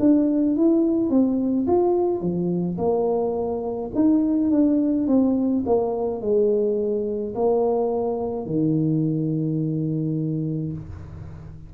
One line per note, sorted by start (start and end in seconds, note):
0.00 0.57 D4
0.57 1.10 E4
1.10 1.67 C4
1.67 2.21 F4
2.21 2.78 F3
2.78 3.91 A#3
3.95 4.51 D#4
4.51 5.07 D4
5.07 5.64 C4
5.67 6.22 A#3
6.22 7.35 G#3
7.35 8.46 A#3
8.46 10.73 D#3